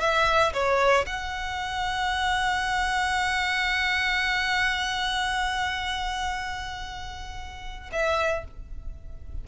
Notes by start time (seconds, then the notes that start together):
0.00 E5
0.53 C#5
1.06 F#5
7.92 E5